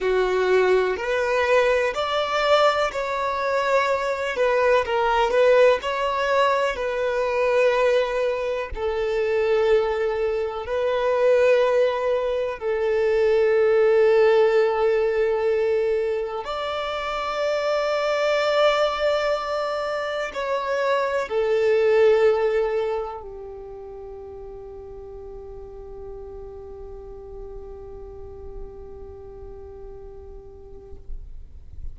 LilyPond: \new Staff \with { instrumentName = "violin" } { \time 4/4 \tempo 4 = 62 fis'4 b'4 d''4 cis''4~ | cis''8 b'8 ais'8 b'8 cis''4 b'4~ | b'4 a'2 b'4~ | b'4 a'2.~ |
a'4 d''2.~ | d''4 cis''4 a'2 | g'1~ | g'1 | }